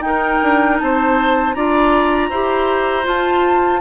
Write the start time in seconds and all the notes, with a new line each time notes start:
0.00 D#4 A#4 G5
0.43 D4
0.79 C4 C5 A5
1.54 D4 F4 D5 A#5
2.29 E4 G4 C5
3.03 F4 A5